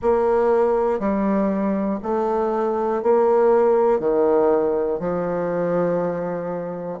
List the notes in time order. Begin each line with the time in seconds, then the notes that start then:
0.02 A#3
1.00 G3
2.03 A3
3.02 A#3
4.00 D#3
5.00 F3